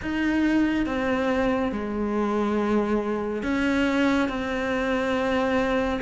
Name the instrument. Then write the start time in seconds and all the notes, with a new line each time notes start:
cello
0.02 D#4
0.86 C4
1.71 G#3
3.42 C#4
4.28 C4